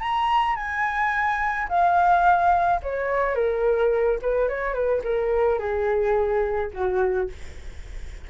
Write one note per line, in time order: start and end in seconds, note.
0.00 0.56 A#5
0.56 1.68 G#5
1.69 2.81 F5
2.83 3.35 C#5
3.35 4.19 A#4
4.22 4.49 B4
4.49 4.74 C#5
4.74 5.02 B4
5.04 5.59 A#4
5.59 6.71 G#4
6.74 7.30 F#4